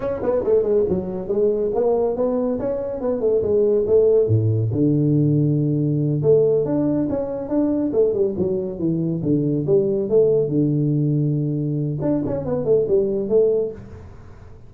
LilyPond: \new Staff \with { instrumentName = "tuba" } { \time 4/4 \tempo 4 = 140 cis'8 b8 a8 gis8 fis4 gis4 | ais4 b4 cis'4 b8 a8 | gis4 a4 a,4 d4~ | d2~ d8 a4 d'8~ |
d'8 cis'4 d'4 a8 g8 fis8~ | fis8 e4 d4 g4 a8~ | a8 d2.~ d8 | d'8 cis'8 b8 a8 g4 a4 | }